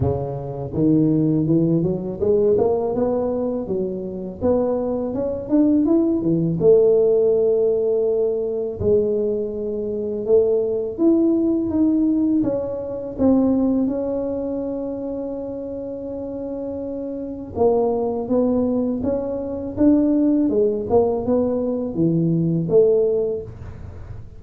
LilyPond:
\new Staff \with { instrumentName = "tuba" } { \time 4/4 \tempo 4 = 82 cis4 dis4 e8 fis8 gis8 ais8 | b4 fis4 b4 cis'8 d'8 | e'8 e8 a2. | gis2 a4 e'4 |
dis'4 cis'4 c'4 cis'4~ | cis'1 | ais4 b4 cis'4 d'4 | gis8 ais8 b4 e4 a4 | }